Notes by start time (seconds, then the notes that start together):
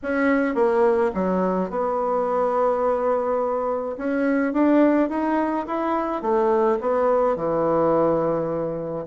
0.03 C#4
0.54 A#3
1.14 F#3
1.70 B3
3.97 C#4
4.53 D4
5.09 D#4
5.66 E4
6.22 A3
6.81 B3
7.36 E3